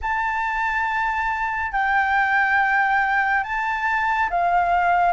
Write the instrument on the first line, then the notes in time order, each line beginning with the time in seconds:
flute
0.01 A5
1.72 G5
3.43 A5
4.29 F5